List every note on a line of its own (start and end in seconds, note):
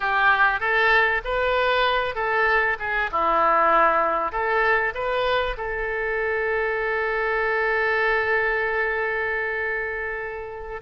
0.00 0.59 G4
0.59 1.21 A4
1.24 2.15 B4
2.15 2.77 A4
2.79 3.10 G#4
3.11 4.32 E4
4.32 4.93 A4
4.94 5.56 B4
5.57 10.81 A4